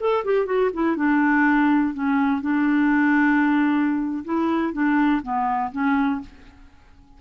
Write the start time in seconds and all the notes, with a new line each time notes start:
0.00 A4
0.25 G4
0.46 F#4
0.73 E4
0.96 D4
1.94 C#4
2.41 D4
4.25 E4
4.73 D4
5.23 B3
5.72 C#4